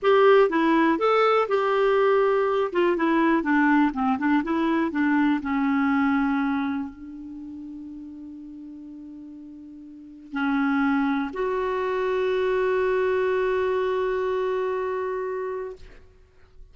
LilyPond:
\new Staff \with { instrumentName = "clarinet" } { \time 4/4 \tempo 4 = 122 g'4 e'4 a'4 g'4~ | g'4. f'8 e'4 d'4 | c'8 d'8 e'4 d'4 cis'4~ | cis'2 d'2~ |
d'1~ | d'4 cis'2 fis'4~ | fis'1~ | fis'1 | }